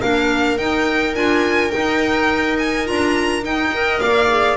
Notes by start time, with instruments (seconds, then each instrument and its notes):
0.00 double bass A#3, clarinet D4, viola A#4, violin F5
0.58 double bass D#4, clarinet D#4, violin G5
1.15 double bass D4, clarinet F4, violin G#5
1.71 clarinet D#4, double bass D#4, violin G5
2.59 violin G#5
2.85 double bass D4, clarinet F4, violin A#5
3.43 double bass D#4, clarinet D#4, violin G5
3.74 clarinet A#4, viola D#5
4.00 double bass A#3, viola D5, violin F5
4.29 clarinet G#4